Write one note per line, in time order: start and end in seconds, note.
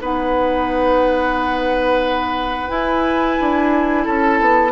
0.00 2.69 B3
0.00 2.69 D#4
0.00 4.04 B4
0.00 2.70 F#5
2.69 4.71 E4
2.69 3.37 E4
2.69 4.05 G#5
3.40 4.07 D4
4.04 4.40 C#4
4.04 4.72 A4
4.04 4.72 A5
4.40 4.72 B3